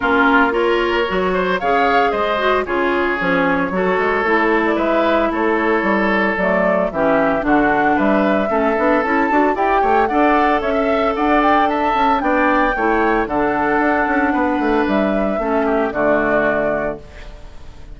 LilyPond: <<
  \new Staff \with { instrumentName = "flute" } { \time 4/4 \tempo 4 = 113 ais'4 cis''2 f''4 | dis''4 cis''2.~ | cis''8. d''16 e''4 cis''2 | d''4 e''4 fis''4 e''4~ |
e''4 a''4 g''4 fis''4 | e''4 fis''8 g''8 a''4 g''4~ | g''4 fis''2. | e''2 d''2 | }
  \new Staff \with { instrumentName = "oboe" } { \time 4/4 f'4 ais'4. c''8 cis''4 | c''4 gis'2 a'4~ | a'4 b'4 a'2~ | a'4 g'4 fis'4 b'4 |
a'2 d''8 cis''8 d''4 | cis''16 e''8. d''4 e''4 d''4 | cis''4 a'2 b'4~ | b'4 a'8 g'8 fis'2 | }
  \new Staff \with { instrumentName = "clarinet" } { \time 4/4 cis'4 f'4 fis'4 gis'4~ | gis'8 fis'8 f'4 cis'4 fis'4 | e'1 | a4 cis'4 d'2 |
cis'8 d'8 e'8 fis'8 g'4 a'4~ | a'2. d'4 | e'4 d'2.~ | d'4 cis'4 a2 | }
  \new Staff \with { instrumentName = "bassoon" } { \time 4/4 ais2 fis4 cis4 | gis4 cis4 f4 fis8 gis8 | a4 gis4 a4 g4 | fis4 e4 d4 g4 |
a8 b8 cis'8 d'8 e'8 a8 d'4 | cis'4 d'4. cis'8 b4 | a4 d4 d'8 cis'8 b8 a8 | g4 a4 d2 | }
>>